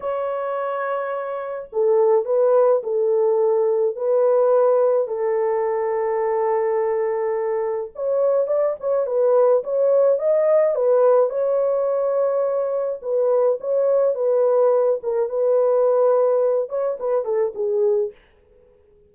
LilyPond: \new Staff \with { instrumentName = "horn" } { \time 4/4 \tempo 4 = 106 cis''2. a'4 | b'4 a'2 b'4~ | b'4 a'2.~ | a'2 cis''4 d''8 cis''8 |
b'4 cis''4 dis''4 b'4 | cis''2. b'4 | cis''4 b'4. ais'8 b'4~ | b'4. cis''8 b'8 a'8 gis'4 | }